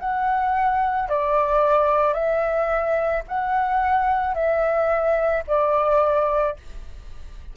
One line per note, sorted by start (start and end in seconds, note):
0.00 1.09 F#5
1.09 2.14 D5
2.14 3.23 E5
3.28 4.34 F#5
4.34 5.43 E5
5.47 6.57 D5